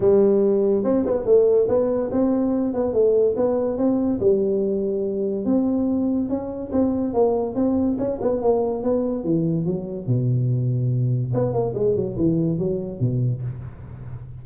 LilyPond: \new Staff \with { instrumentName = "tuba" } { \time 4/4 \tempo 4 = 143 g2 c'8 b8 a4 | b4 c'4. b8 a4 | b4 c'4 g2~ | g4 c'2 cis'4 |
c'4 ais4 c'4 cis'8 b8 | ais4 b4 e4 fis4 | b,2. b8 ais8 | gis8 fis8 e4 fis4 b,4 | }